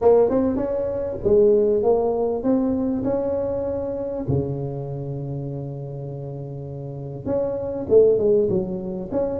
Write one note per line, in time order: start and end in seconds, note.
0.01 0.29 A#3
0.29 0.56 C4
0.56 1.17 C#4
1.24 1.83 G#3
1.83 2.43 A#3
2.43 3.03 C4
3.03 4.25 C#4
4.28 7.25 C#3
7.25 7.86 C#4
7.89 8.18 A3
8.18 8.48 G#3
8.49 9.09 F#3
9.11 9.39 C#4